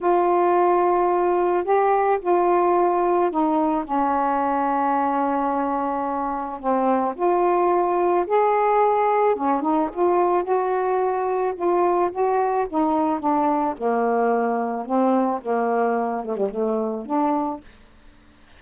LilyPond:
\new Staff \with { instrumentName = "saxophone" } { \time 4/4 \tempo 4 = 109 f'2. g'4 | f'2 dis'4 cis'4~ | cis'1 | c'4 f'2 gis'4~ |
gis'4 cis'8 dis'8 f'4 fis'4~ | fis'4 f'4 fis'4 dis'4 | d'4 ais2 c'4 | ais4. a16 g16 a4 d'4 | }